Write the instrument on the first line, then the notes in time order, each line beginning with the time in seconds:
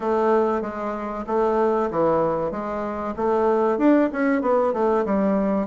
bassoon
0.00 A3
0.61 G#3
1.26 A3
1.90 E3
2.51 G#3
3.16 A3
3.78 D4
4.12 C#4
4.41 B3
4.73 A3
5.05 G3